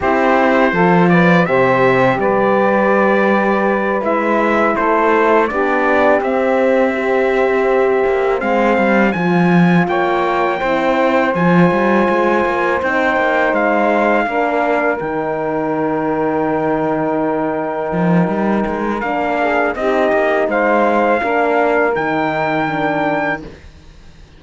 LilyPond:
<<
  \new Staff \with { instrumentName = "trumpet" } { \time 4/4 \tempo 4 = 82 c''4. d''8 e''4 d''4~ | d''4. e''4 c''4 d''8~ | d''8 e''2. f''8~ | f''8 gis''4 g''2 gis''8~ |
gis''4. g''4 f''4.~ | f''8 g''2.~ g''8~ | g''2 f''4 dis''4 | f''2 g''2 | }
  \new Staff \with { instrumentName = "saxophone" } { \time 4/4 g'4 a'8 b'8 c''4 b'4~ | b'2~ b'8 a'4 g'8~ | g'4. c''2~ c''8~ | c''4. cis''4 c''4.~ |
c''2.~ c''8 ais'8~ | ais'1~ | ais'2~ ais'8 gis'8 g'4 | c''4 ais'2. | }
  \new Staff \with { instrumentName = "horn" } { \time 4/4 e'4 f'4 g'2~ | g'4. e'2 d'8~ | d'8 c'4 g'2 c'8~ | c'8 f'2 e'4 f'8~ |
f'4. dis'2 d'8~ | d'8 dis'2.~ dis'8~ | dis'2 d'4 dis'4~ | dis'4 d'4 dis'4 d'4 | }
  \new Staff \with { instrumentName = "cello" } { \time 4/4 c'4 f4 c4 g4~ | g4. gis4 a4 b8~ | b8 c'2~ c'8 ais8 gis8 | g8 f4 ais4 c'4 f8 |
g8 gis8 ais8 c'8 ais8 gis4 ais8~ | ais8 dis2.~ dis8~ | dis8 f8 g8 gis8 ais4 c'8 ais8 | gis4 ais4 dis2 | }
>>